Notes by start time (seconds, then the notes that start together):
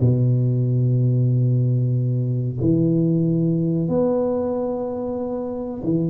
0.00 B2
2.60 E3
3.89 B3
5.83 E3